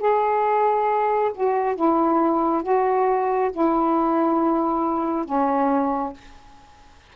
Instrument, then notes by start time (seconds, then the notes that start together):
saxophone
0.00 G#4
1.35 F#4
1.76 E4
2.64 F#4
3.53 E4
5.26 C#4